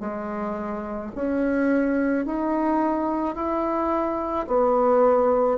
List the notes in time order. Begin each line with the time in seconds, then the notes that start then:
0.00 G#3
1.16 C#4
2.26 D#4
3.35 E4
4.47 B3